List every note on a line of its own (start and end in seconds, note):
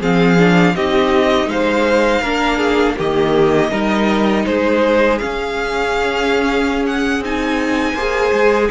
0.00 0.75 F3
0.00 0.38 C4
0.00 0.74 G#4
0.00 0.76 F5
0.38 0.75 D4
0.76 1.47 C4
0.76 2.24 D#4
0.76 1.50 G4
0.76 1.50 D#5
1.47 2.21 G#3
1.47 2.22 C5
1.47 2.98 F5
2.22 2.96 A#3
2.22 2.97 D4
2.22 2.58 A#4
2.58 2.95 G#4
2.97 3.71 D#3
2.97 3.71 A#3
2.97 3.71 G4
2.97 4.46 D#5
3.71 4.45 G3
3.71 5.19 D#4
3.71 4.45 A#4
4.46 5.21 G#3
4.46 7.94 G#4
4.46 5.19 C5
5.19 7.24 C#4
5.19 7.20 C#4
5.19 6.85 F5
6.86 7.23 F#5
7.20 7.94 C4
7.20 7.97 D#4
7.20 8.71 G#5
7.94 8.31 A#3
7.94 8.71 G#4
7.94 8.68 C5
8.32 8.69 G#3